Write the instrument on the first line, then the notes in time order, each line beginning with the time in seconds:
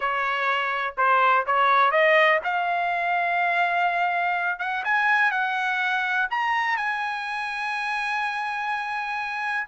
trumpet
0.00 C#5
0.97 C5
1.46 C#5
1.91 D#5
2.44 F5
4.59 F#5
4.84 G#5
5.31 F#5
6.30 A#5
6.76 G#5